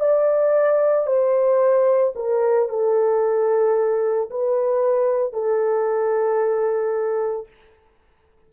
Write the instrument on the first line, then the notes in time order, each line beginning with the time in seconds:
horn
0.00 D5
1.07 C5
2.15 A#4
2.69 A4
4.31 B4
5.33 A4